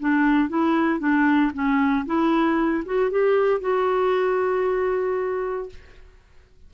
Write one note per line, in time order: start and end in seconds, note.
0.00 0.50 D4
0.50 1.00 E4
1.00 1.52 D4
1.54 2.06 C#4
2.06 2.84 E4
2.86 3.11 F#4
3.11 3.61 G4
3.61 5.70 F#4